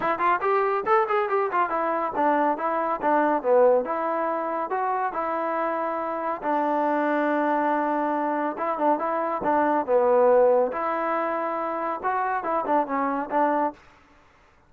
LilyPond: \new Staff \with { instrumentName = "trombone" } { \time 4/4 \tempo 4 = 140 e'8 f'8 g'4 a'8 gis'8 g'8 f'8 | e'4 d'4 e'4 d'4 | b4 e'2 fis'4 | e'2. d'4~ |
d'1 | e'8 d'8 e'4 d'4 b4~ | b4 e'2. | fis'4 e'8 d'8 cis'4 d'4 | }